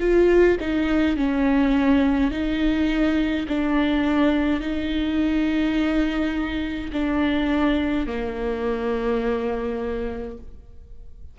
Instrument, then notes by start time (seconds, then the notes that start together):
viola
0.00 F4
0.60 D#4
1.17 C#4
2.31 D#4
3.48 D4
4.60 D#4
6.93 D4
8.07 A#3